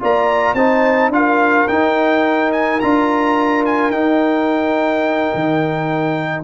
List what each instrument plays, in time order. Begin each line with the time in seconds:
0.00 tuba A#3, trombone F4, horn D5, trumpet A#5
0.54 tuba C4, trombone D#4, horn C5, trumpet A5
1.09 tuba D4, trombone F4, trumpet F5
1.16 horn A#4
1.68 tuba D#4, trombone D#4, trumpet G5
2.52 trumpet G#5
2.81 tuba D4, trombone F4, trumpet A#5
3.66 trumpet G#5
3.90 tuba D#4, trombone D#4, trumpet G5
5.34 tuba D#3